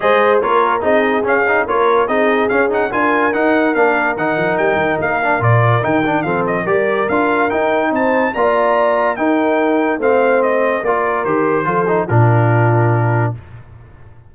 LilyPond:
<<
  \new Staff \with { instrumentName = "trumpet" } { \time 4/4 \tempo 4 = 144 dis''4 cis''4 dis''4 f''4 | cis''4 dis''4 f''8 fis''8 gis''4 | fis''4 f''4 fis''4 g''4 | f''4 d''4 g''4 f''8 dis''8 |
d''4 f''4 g''4 a''4 | ais''2 g''2 | f''4 dis''4 d''4 c''4~ | c''4 ais'2. | }
  \new Staff \with { instrumentName = "horn" } { \time 4/4 c''4 ais'4 gis'2 | ais'4 gis'2 ais'4~ | ais'1~ | ais'2. a'4 |
ais'2. c''4 | d''2 ais'2 | c''2 ais'2 | a'4 f'2. | }
  \new Staff \with { instrumentName = "trombone" } { \time 4/4 gis'4 f'4 dis'4 cis'8 dis'8 | f'4 dis'4 cis'8 dis'8 f'4 | dis'4 d'4 dis'2~ | dis'8 d'8 f'4 dis'8 d'8 c'4 |
g'4 f'4 dis'2 | f'2 dis'2 | c'2 f'4 g'4 | f'8 dis'8 d'2. | }
  \new Staff \with { instrumentName = "tuba" } { \time 4/4 gis4 ais4 c'4 cis'4 | ais4 c'4 cis'4 d'4 | dis'4 ais4 dis8 f8 g8 dis8 | ais4 ais,4 dis4 f4 |
g4 d'4 dis'4 c'4 | ais2 dis'2 | a2 ais4 dis4 | f4 ais,2. | }
>>